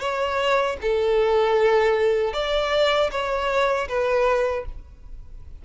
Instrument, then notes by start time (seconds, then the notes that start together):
violin
0.00 C#5
0.81 A4
2.33 D5
3.11 C#5
3.88 B4